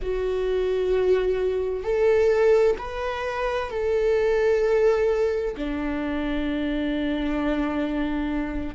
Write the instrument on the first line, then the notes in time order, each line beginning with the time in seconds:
viola
0.02 F#4
1.83 A4
2.78 B4
3.70 A4
5.56 D4